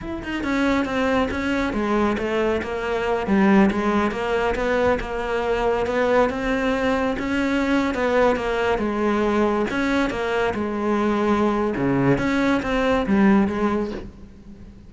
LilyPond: \new Staff \with { instrumentName = "cello" } { \time 4/4 \tempo 4 = 138 e'8 dis'8 cis'4 c'4 cis'4 | gis4 a4 ais4. g8~ | g8 gis4 ais4 b4 ais8~ | ais4. b4 c'4.~ |
c'8 cis'4.~ cis'16 b4 ais8.~ | ais16 gis2 cis'4 ais8.~ | ais16 gis2~ gis8. cis4 | cis'4 c'4 g4 gis4 | }